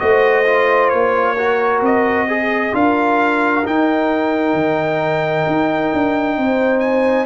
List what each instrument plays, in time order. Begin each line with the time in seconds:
0.00 tuba A3, trombone F#4, horn C5, trumpet D#5
0.46 trombone F4
0.89 tuba A#3, trumpet C#5
1.36 trombone F#4, horn A#4
1.82 tuba C4, trumpet D#5
2.29 trombone G#4, horn G#4
2.73 tuba D4, trombone F4, horn A#4, trumpet F5
3.65 trombone D#4, tuba D#4, trumpet G5
4.54 tuba D#3
5.47 tuba D#4
5.94 tuba D4
6.38 tuba C4, horn C5
6.80 trumpet G#5